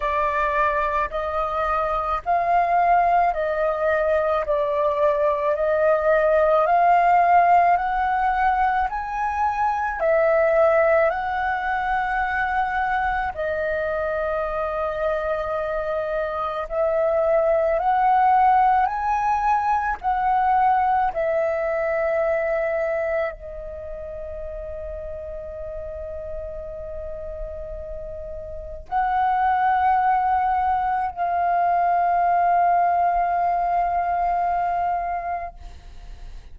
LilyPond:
\new Staff \with { instrumentName = "flute" } { \time 4/4 \tempo 4 = 54 d''4 dis''4 f''4 dis''4 | d''4 dis''4 f''4 fis''4 | gis''4 e''4 fis''2 | dis''2. e''4 |
fis''4 gis''4 fis''4 e''4~ | e''4 dis''2.~ | dis''2 fis''2 | f''1 | }